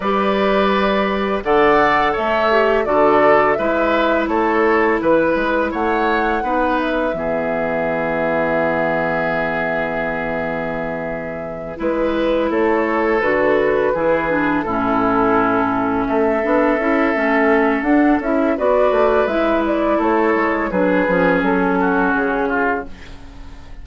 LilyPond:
<<
  \new Staff \with { instrumentName = "flute" } { \time 4/4 \tempo 4 = 84 d''2 fis''4 e''4 | d''4 e''4 cis''4 b'4 | fis''4. e''2~ e''8~ | e''1~ |
e''8 b'4 cis''4 b'4.~ | b'8 a'2 e''4.~ | e''4 fis''8 e''8 d''4 e''8 d''8 | cis''4 b'4 a'4 gis'4 | }
  \new Staff \with { instrumentName = "oboe" } { \time 4/4 b'2 d''4 cis''4 | a'4 b'4 a'4 b'4 | cis''4 b'4 gis'2~ | gis'1~ |
gis'8 b'4 a'2 gis'8~ | gis'8 e'2 a'4.~ | a'2 b'2 | a'4 gis'4. fis'4 f'8 | }
  \new Staff \with { instrumentName = "clarinet" } { \time 4/4 g'2 a'4. g'8 | fis'4 e'2.~ | e'4 dis'4 b2~ | b1~ |
b8 e'2 fis'4 e'8 | d'8 cis'2~ cis'8 d'8 e'8 | cis'4 d'8 e'8 fis'4 e'4~ | e'4 d'8 cis'2~ cis'8 | }
  \new Staff \with { instrumentName = "bassoon" } { \time 4/4 g2 d4 a4 | d4 gis4 a4 e8 gis8 | a4 b4 e2~ | e1~ |
e8 gis4 a4 d4 e8~ | e8 a,2 a8 b8 cis'8 | a4 d'8 cis'8 b8 a8 gis4 | a8 gis8 fis8 f8 fis4 cis4 | }
>>